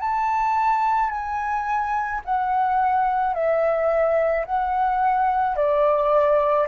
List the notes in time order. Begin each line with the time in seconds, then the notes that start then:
0.00 A5
1.10 G#5
2.25 F#5
3.34 E5
4.45 F#5
5.56 D5